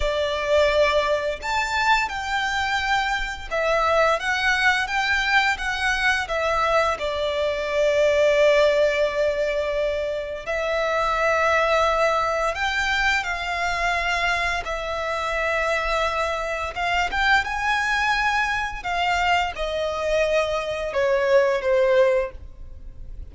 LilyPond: \new Staff \with { instrumentName = "violin" } { \time 4/4 \tempo 4 = 86 d''2 a''4 g''4~ | g''4 e''4 fis''4 g''4 | fis''4 e''4 d''2~ | d''2. e''4~ |
e''2 g''4 f''4~ | f''4 e''2. | f''8 g''8 gis''2 f''4 | dis''2 cis''4 c''4 | }